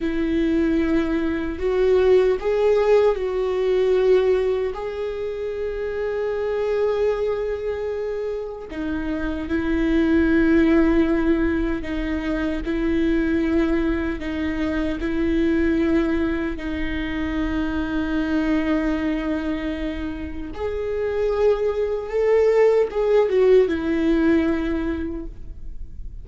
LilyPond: \new Staff \with { instrumentName = "viola" } { \time 4/4 \tempo 4 = 76 e'2 fis'4 gis'4 | fis'2 gis'2~ | gis'2. dis'4 | e'2. dis'4 |
e'2 dis'4 e'4~ | e'4 dis'2.~ | dis'2 gis'2 | a'4 gis'8 fis'8 e'2 | }